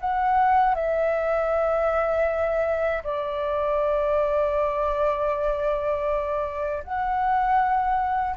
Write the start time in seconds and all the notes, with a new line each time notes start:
0.00 F#5
0.75 E5
3.04 D5
6.84 F#5